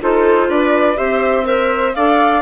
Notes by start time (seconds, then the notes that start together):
0.00 D#4 F4 A4 C5
0.49 D4 B4 D5
0.96 C4 G4 C5 E5
1.44 A#4 C5 E5
1.94 D4 A4 D5 F5